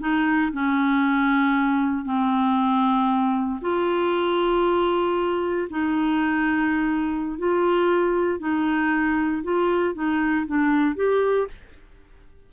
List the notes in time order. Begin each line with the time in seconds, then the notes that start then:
0.00 D#4
0.52 C#4
2.05 C4
3.61 F4
5.70 D#4
7.38 F4
8.39 D#4
9.43 F4
9.94 D#4
10.46 D4
10.96 G4